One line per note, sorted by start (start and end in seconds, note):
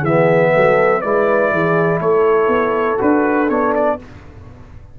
0.00 0.51 E3
0.00 1.03 B3
0.00 0.49 G#4
0.00 1.01 E5
0.53 1.03 F#3
0.53 1.03 A4
1.01 1.52 G#3
1.01 2.98 E4
1.01 1.52 B4
1.01 1.99 D5
1.52 2.00 E3
1.52 2.00 G#4
2.00 2.47 A3
2.00 3.97 A4
2.00 2.99 C#5
2.47 2.97 B3
2.98 3.49 D4
2.98 3.47 F#4
2.98 3.49 B4
3.49 3.99 B3
3.49 3.99 D4
3.49 3.74 C#5
3.75 3.99 D5